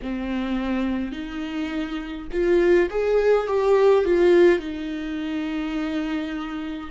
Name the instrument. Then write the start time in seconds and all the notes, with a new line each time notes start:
viola
0.02 C4
1.12 D#4
2.31 F4
2.90 G#4
3.47 G4
4.04 F4
4.58 D#4